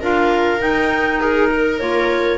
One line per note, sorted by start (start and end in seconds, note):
0.00 0.61 D4
0.00 0.58 F4
0.00 1.20 A#4
0.00 0.61 F5
0.58 1.78 D#4
0.58 1.80 D#4
0.58 1.20 G5
1.20 1.50 G#4
1.20 1.79 A#4
1.50 2.38 A#4
1.79 2.38 A#3
1.79 2.38 F4
1.79 2.38 C#5